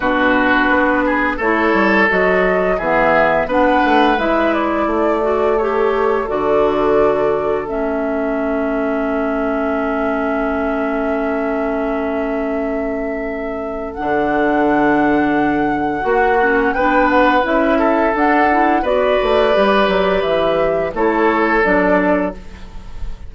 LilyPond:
<<
  \new Staff \with { instrumentName = "flute" } { \time 4/4 \tempo 4 = 86 b'2 cis''4 dis''4 | e''4 fis''4 e''8 d''4. | cis''4 d''2 e''4~ | e''1~ |
e''1 | fis''1 | g''8 fis''8 e''4 fis''4 d''4~ | d''4 e''4 cis''4 d''4 | }
  \new Staff \with { instrumentName = "oboe" } { \time 4/4 fis'4. gis'8 a'2 | gis'4 b'2 a'4~ | a'1~ | a'1~ |
a'1~ | a'2. fis'4 | b'4. a'4. b'4~ | b'2 a'2 | }
  \new Staff \with { instrumentName = "clarinet" } { \time 4/4 d'2 e'4 fis'4 | b4 d'4 e'4. fis'8 | g'4 fis'2 cis'4~ | cis'1~ |
cis'1 | d'2. fis'8 cis'8 | d'4 e'4 d'8 e'8 fis'4 | g'2 e'4 d'4 | }
  \new Staff \with { instrumentName = "bassoon" } { \time 4/4 b,4 b4 a8 g8 fis4 | e4 b8 a8 gis4 a4~ | a4 d2 a4~ | a1~ |
a1 | d2. ais4 | b4 cis'4 d'4 b8 a8 | g8 fis8 e4 a4 fis4 | }
>>